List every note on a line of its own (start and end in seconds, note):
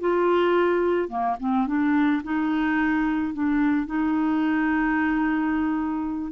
0.00 1.08 F4
1.08 1.36 A#3
1.40 1.67 C4
1.67 2.22 D4
2.23 3.33 D#4
3.33 3.86 D4
3.86 6.32 D#4